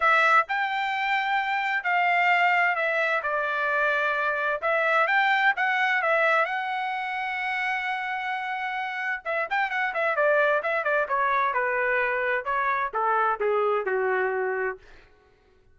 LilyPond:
\new Staff \with { instrumentName = "trumpet" } { \time 4/4 \tempo 4 = 130 e''4 g''2. | f''2 e''4 d''4~ | d''2 e''4 g''4 | fis''4 e''4 fis''2~ |
fis''1 | e''8 g''8 fis''8 e''8 d''4 e''8 d''8 | cis''4 b'2 cis''4 | a'4 gis'4 fis'2 | }